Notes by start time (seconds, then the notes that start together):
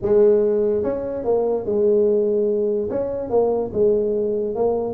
0.02 G#3
0.83 C#4
1.24 A#3
1.65 G#3
2.89 C#4
3.30 A#3
3.73 G#3
4.55 A#3